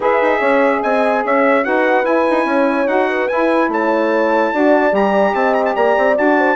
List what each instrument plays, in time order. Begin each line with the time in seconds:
0.00 bassoon E4, saxophone G#4, horn B4, trumpet E5
0.21 bassoon D#4
0.39 bassoon C#4, horn C#5
0.82 bassoon C4, horn D#5, trumpet G#5
1.24 bassoon C#4, horn C#5, trumpet E5
1.62 bassoon D#4, saxophone F#4, horn B4, trumpet F#5
2.04 bassoon E4, saxophone E4, trumpet G#5
2.29 bassoon D#4
2.44 bassoon C#4, horn C#5
2.86 bassoon D#4, saxophone F#4, trumpet F#5
3.09 horn B4
3.28 saxophone E4, bassoon E4, trumpet G#5
3.68 bassoon A3, horn C#5, trumpet A5
4.52 bassoon D4, saxophone F#4, horn D5
4.90 bassoon G3, saxophone G4, trumpet A#5
5.34 bassoon C4, horn D#5, trumpet A5
5.53 trumpet A#5
5.65 trumpet A5
5.75 bassoon A#3, horn D5, trumpet A#5
5.97 bassoon C4
6.14 bassoon D4, saxophone F#4, trumpet A5
6.37 horn C5